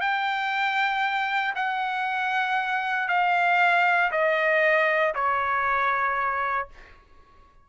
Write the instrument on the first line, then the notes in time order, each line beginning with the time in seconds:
trumpet
0.00 G5
1.55 F#5
3.08 F5
4.11 D#5
5.14 C#5